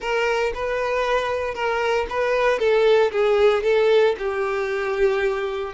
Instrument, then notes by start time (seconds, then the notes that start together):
violin
0.00 A#4
0.54 B4
1.54 A#4
2.09 B4
2.59 A4
3.11 G#4
3.63 A4
4.18 G4